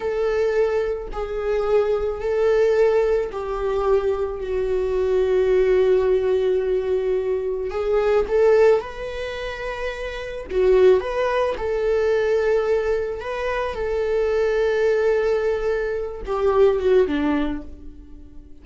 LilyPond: \new Staff \with { instrumentName = "viola" } { \time 4/4 \tempo 4 = 109 a'2 gis'2 | a'2 g'2 | fis'1~ | fis'2 gis'4 a'4 |
b'2. fis'4 | b'4 a'2. | b'4 a'2.~ | a'4. g'4 fis'8 d'4 | }